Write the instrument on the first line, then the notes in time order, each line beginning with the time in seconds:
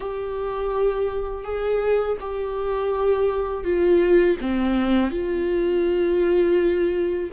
viola
0.00 G4
1.44 G#4
2.20 G4
3.64 F4
4.40 C4
5.10 F4